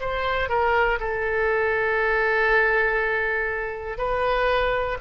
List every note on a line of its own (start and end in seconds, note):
0.00 0.50 C5
0.50 1.00 A#4
1.00 3.98 A4
3.98 4.98 B4